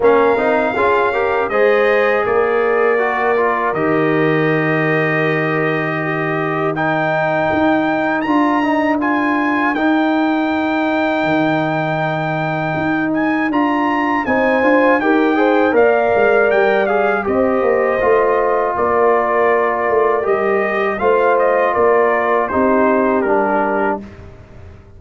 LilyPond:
<<
  \new Staff \with { instrumentName = "trumpet" } { \time 4/4 \tempo 4 = 80 f''2 dis''4 d''4~ | d''4 dis''2.~ | dis''4 g''2 ais''4 | gis''4 g''2.~ |
g''4. gis''8 ais''4 gis''4 | g''4 f''4 g''8 f''8 dis''4~ | dis''4 d''2 dis''4 | f''8 dis''8 d''4 c''4 ais'4 | }
  \new Staff \with { instrumentName = "horn" } { \time 4/4 ais'4 gis'8 ais'8 c''4 ais'4~ | ais'1 | g'4 ais'2.~ | ais'1~ |
ais'2. c''4 | ais'8 c''8 d''2 c''4~ | c''4 ais'2. | c''4 ais'4 g'2 | }
  \new Staff \with { instrumentName = "trombone" } { \time 4/4 cis'8 dis'8 f'8 g'8 gis'2 | fis'8 f'8 g'2.~ | g'4 dis'2 f'8 dis'8 | f'4 dis'2.~ |
dis'2 f'4 dis'8 f'8 | g'8 gis'8 ais'4. gis'8 g'4 | f'2. g'4 | f'2 dis'4 d'4 | }
  \new Staff \with { instrumentName = "tuba" } { \time 4/4 ais8 c'8 cis'4 gis4 ais4~ | ais4 dis2.~ | dis2 dis'4 d'4~ | d'4 dis'2 dis4~ |
dis4 dis'4 d'4 c'8 d'8 | dis'4 ais8 gis8 g4 c'8 ais8 | a4 ais4. a8 g4 | a4 ais4 c'4 g4 | }
>>